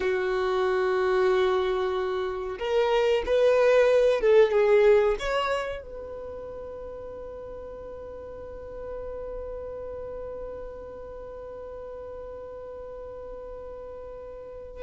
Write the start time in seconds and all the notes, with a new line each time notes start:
0.00 F#4
2.58 A#4
3.26 B4
4.20 A4
4.51 G#4
5.19 C#5
5.82 B4